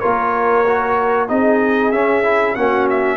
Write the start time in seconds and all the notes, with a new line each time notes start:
0.00 A#3 F4 A#4 C#5
0.67 F#4
1.29 C4 D#4 G#4 D#5
1.92 C#4 E5
2.24 E4
2.56 A#3 C#4 F#4 F#5
2.90 E5